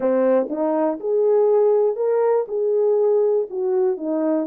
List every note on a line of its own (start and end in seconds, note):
0.00 0.47 C4
0.49 0.99 D#4
1.00 1.96 G#4
1.96 2.45 A#4
2.48 3.47 G#4
3.50 3.97 F#4
3.97 4.46 D#4